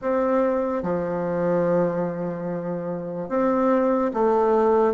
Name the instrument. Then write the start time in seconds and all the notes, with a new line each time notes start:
bassoon
0.01 C4
0.82 F3
3.29 C4
4.13 A3